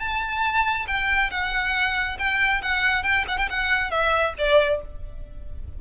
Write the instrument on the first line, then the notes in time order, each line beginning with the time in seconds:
violin
0.00 A5
0.87 G5
1.31 F#5
2.19 G5
2.62 F#5
3.04 G5
3.28 F#5
3.38 G5
3.50 F#5
3.91 E5
4.38 D5